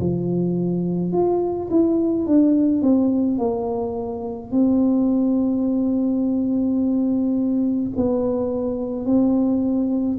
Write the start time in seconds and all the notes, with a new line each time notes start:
0.00 F3
1.13 F4
1.70 E4
2.26 D4
2.82 C4
3.38 A#3
4.52 C4
7.96 B3
9.06 C4